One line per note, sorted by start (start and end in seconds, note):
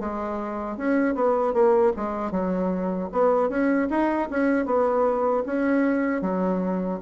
0.00 0.78 G#3
0.78 1.15 C#4
1.15 1.54 B3
1.54 1.93 A#3
1.97 2.32 G#3
2.32 3.10 F#3
3.12 3.50 B3
3.50 3.89 C#4
3.90 4.29 D#4
4.30 4.66 C#4
4.66 5.44 B3
5.47 6.22 C#4
6.22 7.00 F#3